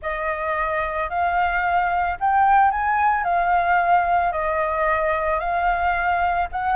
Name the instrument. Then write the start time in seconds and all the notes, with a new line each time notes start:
flute
0.01 D#5
1.09 F5
2.20 G5
2.71 G#5
3.24 F5
4.31 D#5
5.39 F5
6.52 F#5